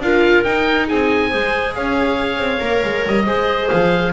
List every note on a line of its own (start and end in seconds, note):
0.00 0.43 D4
0.00 0.46 F4
0.00 0.88 A#4
0.00 0.44 F5
0.44 1.31 D#4
0.44 0.90 D#4
0.44 0.87 G5
0.88 1.34 C4
0.88 1.29 G#4
0.88 1.75 G#5
1.29 1.77 G#3
1.29 2.60 G#4
1.29 1.73 C5
1.75 2.38 C#4
1.75 3.26 C#5
1.75 3.06 F5
2.38 2.60 C4
2.60 2.83 A#3
2.60 3.25 A#4
2.84 3.06 G#3
3.07 3.26 G3
3.07 3.69 D#5
3.26 3.70 G#3
3.26 4.13 G#4
3.26 4.13 C5
3.69 4.13 F3
3.69 4.13 F5